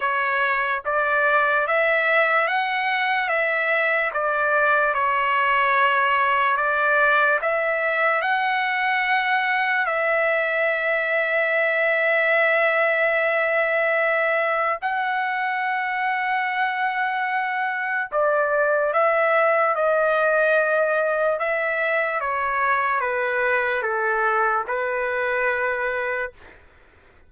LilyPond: \new Staff \with { instrumentName = "trumpet" } { \time 4/4 \tempo 4 = 73 cis''4 d''4 e''4 fis''4 | e''4 d''4 cis''2 | d''4 e''4 fis''2 | e''1~ |
e''2 fis''2~ | fis''2 d''4 e''4 | dis''2 e''4 cis''4 | b'4 a'4 b'2 | }